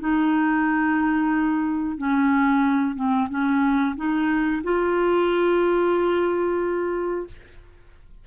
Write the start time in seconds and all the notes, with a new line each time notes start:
0.00 D#4
1.98 C#4
2.96 C4
3.30 C#4
3.97 D#4
4.64 F4